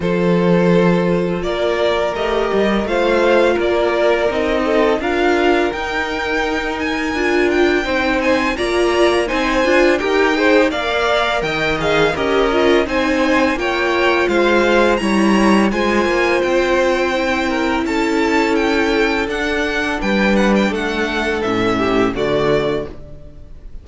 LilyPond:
<<
  \new Staff \with { instrumentName = "violin" } { \time 4/4 \tempo 4 = 84 c''2 d''4 dis''4 | f''4 d''4 dis''4 f''4 | g''4. gis''4 g''4 gis''8 | ais''4 gis''4 g''4 f''4 |
g''8 f''8 dis''4 gis''4 g''4 | f''4 ais''4 gis''4 g''4~ | g''4 a''4 g''4 fis''4 | g''8 fis''16 g''16 fis''4 e''4 d''4 | }
  \new Staff \with { instrumentName = "violin" } { \time 4/4 a'2 ais'2 | c''4 ais'4. a'8 ais'4~ | ais'2. c''4 | d''4 c''4 ais'8 c''8 d''4 |
dis''4 ais'4 c''4 cis''4 | c''4 cis''4 c''2~ | c''8 ais'8 a'2. | b'4 a'4. g'8 fis'4 | }
  \new Staff \with { instrumentName = "viola" } { \time 4/4 f'2. g'4 | f'2 dis'4 f'4 | dis'2 f'4 dis'4 | f'4 dis'8 f'8 g'8 gis'8 ais'4~ |
ais'8 gis'8 g'8 f'8 dis'4 f'4~ | f'4 e'4 f'2 | e'2. d'4~ | d'2 cis'4 a4 | }
  \new Staff \with { instrumentName = "cello" } { \time 4/4 f2 ais4 a8 g8 | a4 ais4 c'4 d'4 | dis'2 d'4 c'4 | ais4 c'8 d'8 dis'4 ais4 |
dis4 cis'4 c'4 ais4 | gis4 g4 gis8 ais8 c'4~ | c'4 cis'2 d'4 | g4 a4 a,4 d4 | }
>>